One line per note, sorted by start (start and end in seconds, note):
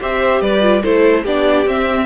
0.00 0.41 C4
0.00 0.61 G4
0.00 0.42 C5
0.00 0.41 E5
0.41 0.82 G3
0.41 0.82 B4
0.41 0.83 D5
0.61 0.81 F4
0.82 1.25 A3
0.82 1.25 E4
0.82 1.23 A4
0.82 1.24 C5
1.23 1.66 B3
1.23 1.66 D4
1.23 2.05 G4
1.23 1.68 D5
1.66 2.06 C4
1.66 2.06 E5